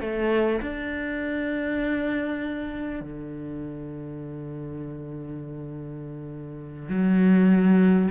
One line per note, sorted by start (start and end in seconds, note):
0.00 0.60 A3
0.61 3.01 D4
3.01 6.88 D3
6.88 8.08 F#3